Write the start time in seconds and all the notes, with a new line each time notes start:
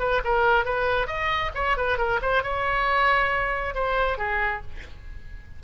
0.00 B4
0.24 A#4
0.66 B4
1.07 D#5
1.55 C#5
1.78 B4
1.98 A#4
2.22 C5
2.43 C#5
3.75 C5
4.18 G#4